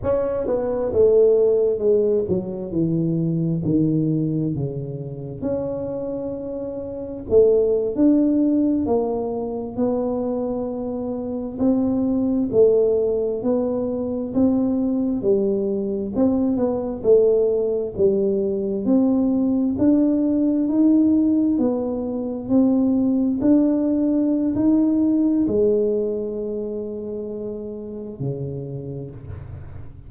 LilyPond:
\new Staff \with { instrumentName = "tuba" } { \time 4/4 \tempo 4 = 66 cis'8 b8 a4 gis8 fis8 e4 | dis4 cis4 cis'2 | a8. d'4 ais4 b4~ b16~ | b8. c'4 a4 b4 c'16~ |
c'8. g4 c'8 b8 a4 g16~ | g8. c'4 d'4 dis'4 b16~ | b8. c'4 d'4~ d'16 dis'4 | gis2. cis4 | }